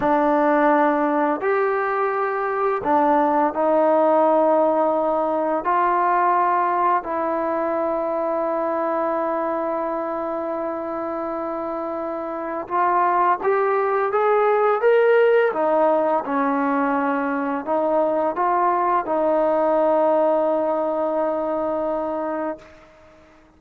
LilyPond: \new Staff \with { instrumentName = "trombone" } { \time 4/4 \tempo 4 = 85 d'2 g'2 | d'4 dis'2. | f'2 e'2~ | e'1~ |
e'2 f'4 g'4 | gis'4 ais'4 dis'4 cis'4~ | cis'4 dis'4 f'4 dis'4~ | dis'1 | }